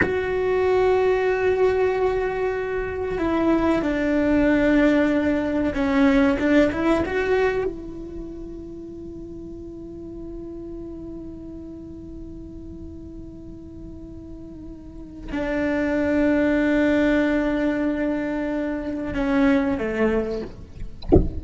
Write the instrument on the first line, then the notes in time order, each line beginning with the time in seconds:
cello
0.02 F#4
3.18 E4
3.82 D4
5.74 C#4
6.39 D4
6.71 E4
7.05 F#4
7.64 E4
15.32 D4
19.14 C#4
19.78 A3